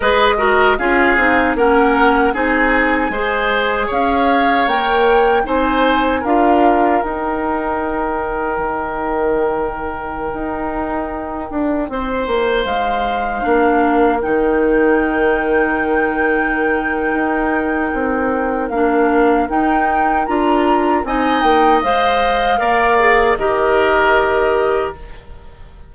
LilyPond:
<<
  \new Staff \with { instrumentName = "flute" } { \time 4/4 \tempo 4 = 77 dis''4 f''4 fis''4 gis''4~ | gis''4 f''4 g''4 gis''4 | f''4 g''2.~ | g''1~ |
g''16 f''2 g''4.~ g''16~ | g''1 | f''4 g''4 ais''4 gis''8 g''8 | f''2 dis''2 | }
  \new Staff \with { instrumentName = "oboe" } { \time 4/4 b'8 ais'8 gis'4 ais'4 gis'4 | c''4 cis''2 c''4 | ais'1~ | ais'2.~ ais'16 c''8.~ |
c''4~ c''16 ais'2~ ais'8.~ | ais'1~ | ais'2. dis''4~ | dis''4 d''4 ais'2 | }
  \new Staff \with { instrumentName = "clarinet" } { \time 4/4 gis'8 fis'8 f'8 dis'8 cis'4 dis'4 | gis'2 ais'4 dis'4 | f'4 dis'2.~ | dis'1~ |
dis'4~ dis'16 d'4 dis'4.~ dis'16~ | dis'1 | d'4 dis'4 f'4 dis'4 | c''4 ais'8 gis'8 g'2 | }
  \new Staff \with { instrumentName = "bassoon" } { \time 4/4 gis4 cis'8 c'8 ais4 c'4 | gis4 cis'4 ais4 c'4 | d'4 dis'2 dis4~ | dis4~ dis16 dis'4. d'8 c'8 ais16~ |
ais16 gis4 ais4 dis4.~ dis16~ | dis2 dis'4 c'4 | ais4 dis'4 d'4 c'8 ais8 | gis4 ais4 dis2 | }
>>